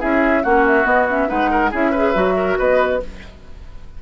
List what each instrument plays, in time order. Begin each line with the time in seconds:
0.00 bassoon C#4, clarinet E4, oboe G#4, flute E5
0.43 bassoon A#3, clarinet C#4, oboe F#4, flute F#5
0.67 flute E5
0.84 clarinet B3, bassoon B3, flute D#5
1.09 clarinet C#4, flute E5
1.28 bassoon G#3, clarinet D#4, oboe B4, flute F#5
1.51 oboe A#4
1.71 bassoon C#4, clarinet E4, oboe G#4, flute E5
1.91 clarinet G#4, oboe B4
2.15 bassoon F#3, clarinet F#4
2.37 oboe A#4
2.59 bassoon B3, oboe B4, flute D#5